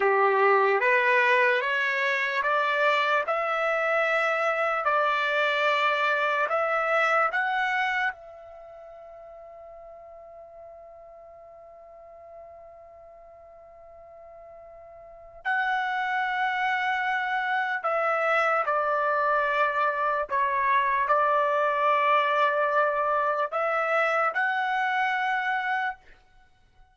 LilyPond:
\new Staff \with { instrumentName = "trumpet" } { \time 4/4 \tempo 4 = 74 g'4 b'4 cis''4 d''4 | e''2 d''2 | e''4 fis''4 e''2~ | e''1~ |
e''2. fis''4~ | fis''2 e''4 d''4~ | d''4 cis''4 d''2~ | d''4 e''4 fis''2 | }